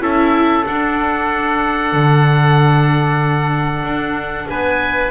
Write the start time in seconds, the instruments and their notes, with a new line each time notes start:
0.00 double bass C#4, viola E4, trumpet A4, oboe E5
0.65 viola D4, double bass D4, oboe F#5
1.92 double bass D3
3.83 double bass D4
4.49 double bass B3, trumpet B4, oboe G#5